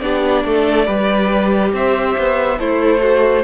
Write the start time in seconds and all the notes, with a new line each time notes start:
0.00 B3 D4 G4 D5
0.44 A3 A4
0.86 G3 G4 B4
1.73 C4 C5 E5
2.17 B3
2.58 A3 E4 A4 C5
3.01 F#4